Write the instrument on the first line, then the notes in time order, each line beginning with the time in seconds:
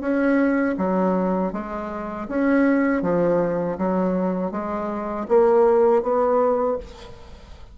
bassoon
0.00 C#4
0.77 F#3
1.52 G#3
2.28 C#4
3.02 F3
3.77 F#3
4.51 G#3
5.28 A#3
6.02 B3